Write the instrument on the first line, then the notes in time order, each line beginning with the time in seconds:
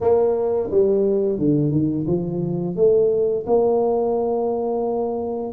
tuba
0.01 A#3
0.70 G3
1.38 D3
1.71 D#3
2.07 F3
2.76 A3
3.46 A#3